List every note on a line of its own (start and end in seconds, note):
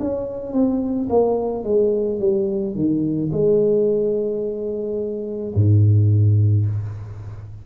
0.00 0.53 C#4
0.53 1.08 C4
1.10 1.64 A#3
1.64 2.20 G#3
2.20 2.75 G3
2.75 3.31 D#3
3.32 5.55 G#3
5.55 6.66 G#2